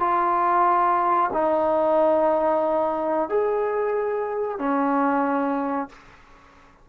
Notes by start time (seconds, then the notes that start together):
0.00 F4
1.33 D#4
3.29 G#4
4.59 C#4